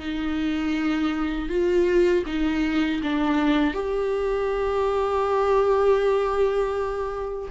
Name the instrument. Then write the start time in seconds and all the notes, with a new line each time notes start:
viola
0.00 D#4
1.50 F4
2.27 D#4
3.04 D4
3.74 G4